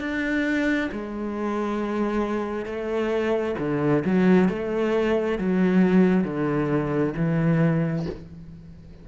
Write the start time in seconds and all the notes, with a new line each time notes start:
0.00 D4
0.92 G#3
2.65 A3
3.59 D3
4.05 F#3
4.49 A3
5.38 F#3
6.24 D3
7.16 E3